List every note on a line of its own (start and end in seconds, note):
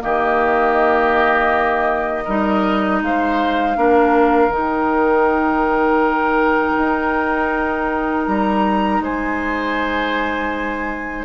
0.00 2.28 D#3
0.00 2.25 A#3
0.00 2.25 G4
0.00 3.03 D#5
2.25 3.02 G3
2.25 3.76 D#4
2.25 3.00 A#4
3.02 3.77 G#3
3.02 3.78 C5
3.02 4.53 F5
3.76 4.49 A#3
3.76 4.51 D4
3.76 9.03 A#4
4.49 6.74 D#3
4.49 11.25 D#4
4.49 8.27 G5
6.78 8.28 D#4
8.27 9.00 G3
8.27 9.02 A#5
9.00 11.25 G#3
9.00 11.25 C5
9.00 11.25 G#5